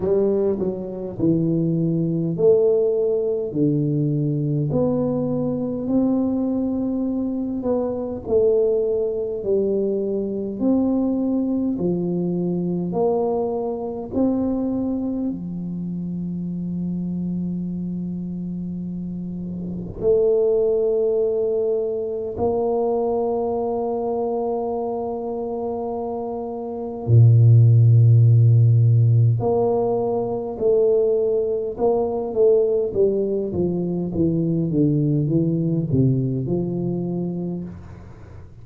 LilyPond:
\new Staff \with { instrumentName = "tuba" } { \time 4/4 \tempo 4 = 51 g8 fis8 e4 a4 d4 | b4 c'4. b8 a4 | g4 c'4 f4 ais4 | c'4 f2.~ |
f4 a2 ais4~ | ais2. ais,4~ | ais,4 ais4 a4 ais8 a8 | g8 f8 e8 d8 e8 c8 f4 | }